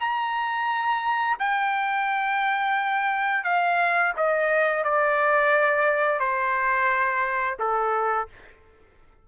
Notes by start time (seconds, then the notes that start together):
0.00 A#5
1.39 G5
3.44 F5
4.17 D#5
4.84 D5
6.20 C5
7.59 A4